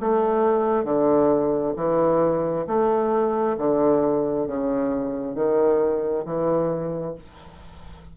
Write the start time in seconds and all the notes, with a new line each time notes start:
0.00 A3
0.84 D3
1.76 E3
2.67 A3
3.58 D3
4.47 C#3
5.34 D#3
6.25 E3